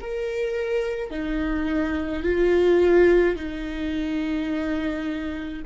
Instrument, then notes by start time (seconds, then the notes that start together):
viola
0.00 A#4
1.11 D#4
2.23 F4
3.36 D#4